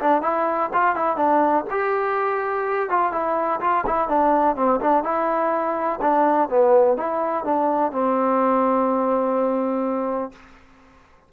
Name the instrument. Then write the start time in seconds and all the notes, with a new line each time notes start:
trombone
0.00 D4
0.22 E4
0.73 F4
0.96 E4
1.17 D4
1.70 G4
2.89 F4
3.12 E4
3.60 F4
3.86 E4
4.08 D4
4.56 C4
4.80 D4
5.04 E4
6.01 D4
6.49 B3
6.97 E4
7.44 D4
7.92 C4